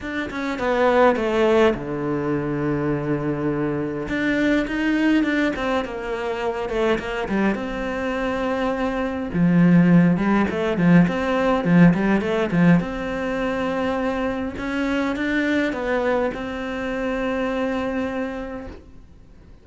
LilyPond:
\new Staff \with { instrumentName = "cello" } { \time 4/4 \tempo 4 = 103 d'8 cis'8 b4 a4 d4~ | d2. d'4 | dis'4 d'8 c'8 ais4. a8 | ais8 g8 c'2. |
f4. g8 a8 f8 c'4 | f8 g8 a8 f8 c'2~ | c'4 cis'4 d'4 b4 | c'1 | }